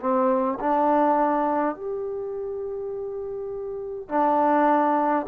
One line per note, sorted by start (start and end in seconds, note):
0.00 0.59 C4
0.60 1.75 D4
1.75 4.09 G4
4.09 5.26 D4